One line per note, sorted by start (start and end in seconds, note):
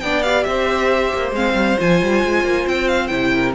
0.00 0.46 B3
0.00 0.24 D4
0.00 0.47 D5
0.00 0.22 G5
0.22 1.34 G4
0.22 0.43 F5
0.43 1.12 C4
0.43 3.34 C5
0.43 1.31 E5
1.14 1.31 A#3
1.31 1.53 G#3
1.31 1.77 C4
1.31 1.79 F5
1.54 1.76 G3
1.77 2.02 F3
1.77 3.08 F4
1.77 2.68 G#5
2.02 2.24 G3
2.24 2.44 G#3
2.44 2.66 A#3
2.67 3.11 C4
2.67 2.88 G5
2.88 3.07 F5
3.07 3.55 C3
3.07 3.52 E4
3.07 3.51 G5
3.34 3.55 A#4